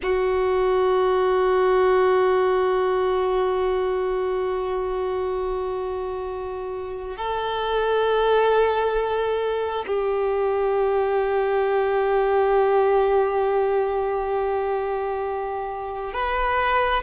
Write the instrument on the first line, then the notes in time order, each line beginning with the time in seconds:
violin
0.02 F#4
7.16 A4
9.87 G4
16.13 B4